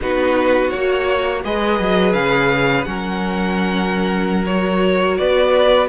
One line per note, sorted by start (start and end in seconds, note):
0.01 0.73 B3
0.01 0.72 D#4
0.01 1.44 F#4
0.01 0.70 B4
0.70 1.44 A#3
0.70 1.44 F#4
0.70 1.41 C#5
1.44 1.79 G#3
1.44 2.85 G#4
1.44 2.88 B4
1.44 2.12 D#5
1.79 2.13 F#3
2.12 2.85 C#3
2.12 2.84 F5
2.84 5.18 F#3
2.84 4.46 C#4
2.84 5.18 A#4
2.84 4.44 F#5
4.45 5.88 F#4
4.45 5.17 C#5
5.17 5.88 B3
5.17 5.88 B4
5.17 5.88 D5